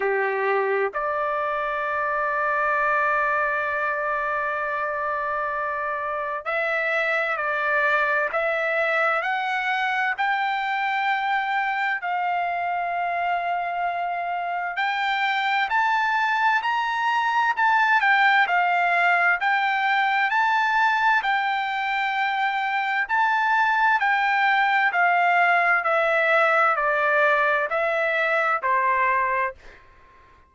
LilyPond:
\new Staff \with { instrumentName = "trumpet" } { \time 4/4 \tempo 4 = 65 g'4 d''2.~ | d''2. e''4 | d''4 e''4 fis''4 g''4~ | g''4 f''2. |
g''4 a''4 ais''4 a''8 g''8 | f''4 g''4 a''4 g''4~ | g''4 a''4 g''4 f''4 | e''4 d''4 e''4 c''4 | }